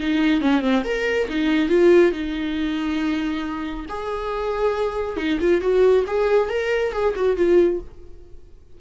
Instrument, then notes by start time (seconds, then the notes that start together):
viola
0.00 D#4
0.41 C#4
0.61 C4
0.85 A#4
1.29 D#4
1.69 F4
2.12 D#4
3.89 G#4
5.17 D#4
5.40 F4
5.61 F#4
6.07 G#4
6.49 A#4
6.93 G#4
7.16 F#4
7.37 F4